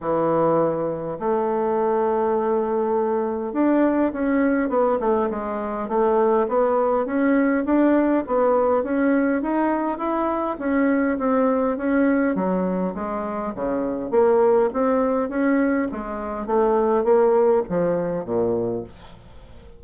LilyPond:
\new Staff \with { instrumentName = "bassoon" } { \time 4/4 \tempo 4 = 102 e2 a2~ | a2 d'4 cis'4 | b8 a8 gis4 a4 b4 | cis'4 d'4 b4 cis'4 |
dis'4 e'4 cis'4 c'4 | cis'4 fis4 gis4 cis4 | ais4 c'4 cis'4 gis4 | a4 ais4 f4 ais,4 | }